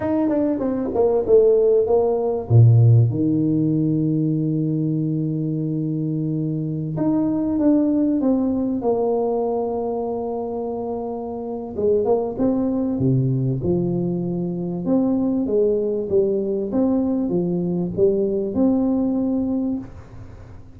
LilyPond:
\new Staff \with { instrumentName = "tuba" } { \time 4/4 \tempo 4 = 97 dis'8 d'8 c'8 ais8 a4 ais4 | ais,4 dis2.~ | dis2.~ dis16 dis'8.~ | dis'16 d'4 c'4 ais4.~ ais16~ |
ais2. gis8 ais8 | c'4 c4 f2 | c'4 gis4 g4 c'4 | f4 g4 c'2 | }